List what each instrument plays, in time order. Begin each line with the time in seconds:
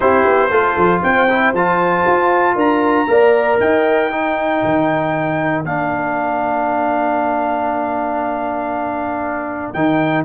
0.00 tuba C4, trombone E4, horn G4, trumpet C5
0.26 tuba B3
0.49 tuba A3, trombone F4, horn A4
0.76 tuba F3
1.02 tuba C4, horn C5, trumpet G5
1.29 trombone E4
1.53 tuba F3, trombone F4, trumpet A5
2.06 tuba F4
2.54 tuba D4, horn A#4, trumpet A#5
3.07 tuba A#3, trombone A#4, horn D5
3.59 tuba D#4, horn D#5, trumpet G5
4.11 trombone D#4, horn A#4
4.63 tuba D#3
5.64 tuba A#3, trombone D4, trumpet F5
9.73 tuba D#3, trombone D#4, trumpet G5